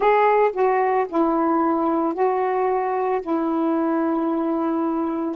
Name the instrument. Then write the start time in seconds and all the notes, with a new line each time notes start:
saxophone
0.00 G#4
0.52 F#4
1.08 E4
2.14 F#4
3.21 E4